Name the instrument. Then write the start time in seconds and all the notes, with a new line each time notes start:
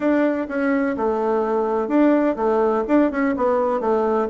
bassoon
0.00 D4
0.48 C#4
0.96 A3
1.87 D4
2.36 A3
2.87 D4
3.11 C#4
3.36 B3
3.80 A3